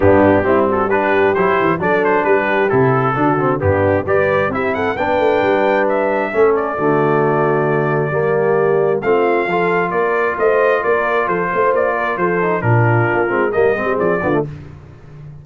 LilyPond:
<<
  \new Staff \with { instrumentName = "trumpet" } { \time 4/4 \tempo 4 = 133 g'4. a'8 b'4 c''4 | d''8 c''8 b'4 a'2 | g'4 d''4 e''8 fis''8 g''4~ | g''4 e''4. d''4.~ |
d''1 | f''2 d''4 dis''4 | d''4 c''4 d''4 c''4 | ais'2 dis''4 d''4 | }
  \new Staff \with { instrumentName = "horn" } { \time 4/4 d'4 e'8 fis'8 g'2 | a'4 g'2 fis'4 | d'4 b'4 g'8 a'8 b'4~ | b'2 a'4 fis'4~ |
fis'2 g'2 | f'4 a'4 ais'4 c''4 | ais'4 a'8 c''4 ais'8 a'4 | f'2 ais'8 gis'4 f'8 | }
  \new Staff \with { instrumentName = "trombone" } { \time 4/4 b4 c'4 d'4 e'4 | d'2 e'4 d'8 c'8 | b4 g'4 e'4 d'4~ | d'2 cis'4 a4~ |
a2 ais2 | c'4 f'2.~ | f'2.~ f'8 dis'8 | d'4. c'8 ais8 c'4 b16 a16 | }
  \new Staff \with { instrumentName = "tuba" } { \time 4/4 g,4 g2 fis8 e8 | fis4 g4 c4 d4 | g,4 g4 c'4 b8 a8 | g2 a4 d4~ |
d2 g2 | a4 f4 ais4 a4 | ais4 f8 a8 ais4 f4 | ais,4 ais8 gis8 g8 gis16 g16 f8 d8 | }
>>